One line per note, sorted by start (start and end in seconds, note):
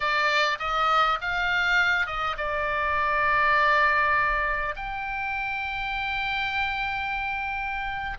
0.00 0.58 D5
0.59 1.18 D#5
1.21 2.06 F5
2.06 2.36 D#5
2.37 4.75 D5
4.76 8.17 G5